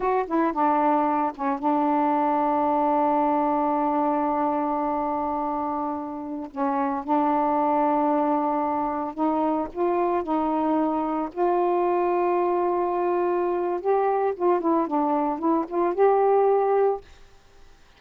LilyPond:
\new Staff \with { instrumentName = "saxophone" } { \time 4/4 \tempo 4 = 113 fis'8 e'8 d'4. cis'8 d'4~ | d'1~ | d'1~ | d'16 cis'4 d'2~ d'8.~ |
d'4~ d'16 dis'4 f'4 dis'8.~ | dis'4~ dis'16 f'2~ f'8.~ | f'2 g'4 f'8 e'8 | d'4 e'8 f'8 g'2 | }